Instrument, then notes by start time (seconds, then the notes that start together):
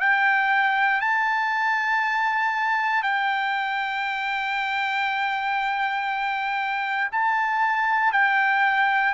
trumpet
0.00 G5
1.01 A5
3.03 G5
7.12 A5
8.13 G5